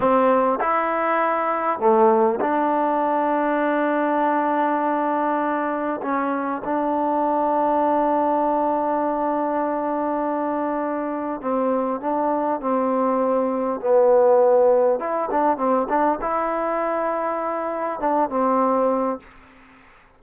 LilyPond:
\new Staff \with { instrumentName = "trombone" } { \time 4/4 \tempo 4 = 100 c'4 e'2 a4 | d'1~ | d'2 cis'4 d'4~ | d'1~ |
d'2. c'4 | d'4 c'2 b4~ | b4 e'8 d'8 c'8 d'8 e'4~ | e'2 d'8 c'4. | }